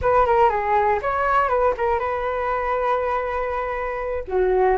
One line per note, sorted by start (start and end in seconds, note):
0.01 0.25 B4
0.25 0.49 A#4
0.49 0.99 G#4
1.02 1.48 C#5
1.48 1.73 B4
1.77 1.99 A#4
1.99 4.24 B4
4.27 4.77 F#4